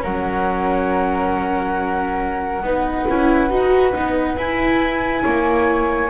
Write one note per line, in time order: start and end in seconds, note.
0.00 2.62 F#3
0.00 2.61 C#4
0.00 2.64 A#4
0.00 4.36 F#5
2.62 3.06 B3
2.62 3.08 D#4
2.62 5.23 B4
3.09 3.50 C#4
3.09 3.50 E4
3.50 3.93 D#4
3.50 3.93 F#4
3.93 4.36 B3
3.93 4.36 D#4
4.36 5.23 E4
4.36 6.10 E4
4.36 6.10 G#5
5.23 6.10 A#3
5.23 6.10 C#5